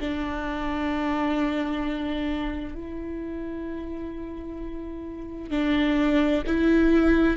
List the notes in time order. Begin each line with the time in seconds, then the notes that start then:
0.00 D4
2.74 E4
5.50 D4
6.46 E4